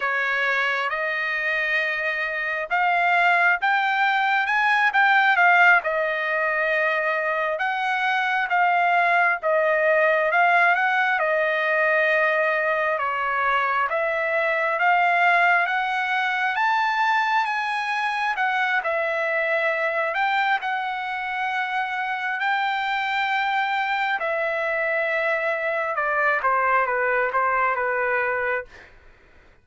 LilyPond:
\new Staff \with { instrumentName = "trumpet" } { \time 4/4 \tempo 4 = 67 cis''4 dis''2 f''4 | g''4 gis''8 g''8 f''8 dis''4.~ | dis''8 fis''4 f''4 dis''4 f''8 | fis''8 dis''2 cis''4 e''8~ |
e''8 f''4 fis''4 a''4 gis''8~ | gis''8 fis''8 e''4. g''8 fis''4~ | fis''4 g''2 e''4~ | e''4 d''8 c''8 b'8 c''8 b'4 | }